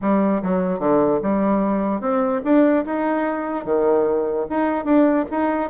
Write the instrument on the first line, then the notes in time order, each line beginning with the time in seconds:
bassoon
0.01 G3
0.42 F#3
0.79 D3
1.22 G3
2.00 C4
2.44 D4
2.85 D#4
3.64 D#3
4.49 D#4
4.84 D4
5.31 D#4